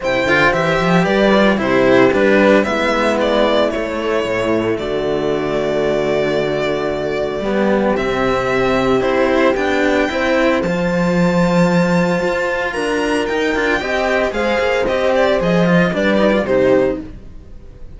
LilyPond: <<
  \new Staff \with { instrumentName = "violin" } { \time 4/4 \tempo 4 = 113 g''4 e''4 d''4 c''4 | b'4 e''4 d''4 cis''4~ | cis''4 d''2.~ | d''2. e''4~ |
e''4 c''4 g''2 | a''1 | ais''4 g''2 f''4 | dis''8 d''8 dis''4 d''4 c''4 | }
  \new Staff \with { instrumentName = "horn" } { \time 4/4 c''2 b'4 g'4~ | g'4 e'2.~ | e'4 fis'2.~ | fis'2 g'2~ |
g'2. c''4~ | c''1 | ais'2 dis''4 c''4~ | c''2 b'4 g'4 | }
  \new Staff \with { instrumentName = "cello" } { \time 4/4 e'8 f'8 g'4. f'8 e'4 | d'4 b2 a4~ | a1~ | a2 b4 c'4~ |
c'4 e'4 d'4 e'4 | f'1~ | f'4 dis'8 f'8 g'4 gis'4 | g'4 gis'8 f'8 d'8 dis'16 f'16 dis'4 | }
  \new Staff \with { instrumentName = "cello" } { \time 4/4 c8 d8 e8 f8 g4 c4 | g4 gis2 a4 | a,4 d2.~ | d2 g4 c4~ |
c4 c'4 b4 c'4 | f2. f'4 | d'4 dis'8 d'8 c'4 gis8 ais8 | c'4 f4 g4 c4 | }
>>